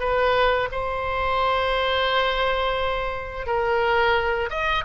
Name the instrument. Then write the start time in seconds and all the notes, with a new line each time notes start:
oboe
0.00 B4
0.72 C5
3.47 A#4
4.50 D#5